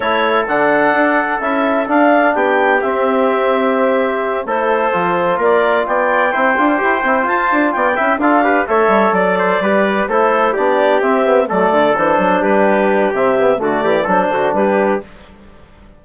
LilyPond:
<<
  \new Staff \with { instrumentName = "clarinet" } { \time 4/4 \tempo 4 = 128 cis''4 fis''2 e''4 | f''4 g''4 e''2~ | e''4. c''2 d''8~ | d''8 g''2. a''8~ |
a''8 g''4 f''4 e''4 d''8~ | d''4. c''4 d''4 e''8~ | e''8 d''4 c''4 b'4. | e''4 d''4 c''4 b'4 | }
  \new Staff \with { instrumentName = "trumpet" } { \time 4/4 a'1~ | a'4 g'2.~ | g'4. a'2 ais'8~ | ais'8 d''4 c''2~ c''8~ |
c''8 d''8 e''8 a'8 b'8 cis''4 d''8 | c''8 b'4 a'4 g'4.~ | g'8 a'2 g'4.~ | g'4 fis'8 g'8 a'8 fis'8 g'4 | }
  \new Staff \with { instrumentName = "trombone" } { \time 4/4 e'4 d'2 e'4 | d'2 c'2~ | c'4. e'4 f'4.~ | f'4. e'8 f'8 g'8 e'8 f'8~ |
f'4 e'8 f'8 g'8 a'4.~ | a'8 g'4 e'4 d'4 c'8 | b8 a4 d'2~ d'8 | c'8 b8 a4 d'2 | }
  \new Staff \with { instrumentName = "bassoon" } { \time 4/4 a4 d4 d'4 cis'4 | d'4 b4 c'2~ | c'4. a4 f4 ais8~ | ais8 b4 c'8 d'8 e'8 c'8 f'8 |
d'8 b8 cis'8 d'4 a8 g8 fis8~ | fis8 g4 a4 b4 c'8~ | c'8 fis8 d8 e8 fis8 g4. | c4 d8 e8 fis8 d8 g4 | }
>>